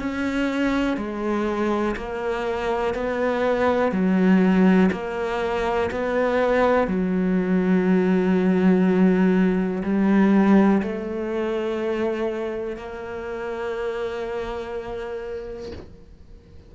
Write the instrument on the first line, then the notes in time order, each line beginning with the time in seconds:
cello
0.00 C#4
0.97 G#3
1.96 A#3
2.95 B3
3.92 F#3
4.92 A#3
5.92 B3
6.88 F#3
9.84 G3
10.82 A3
12.77 A#3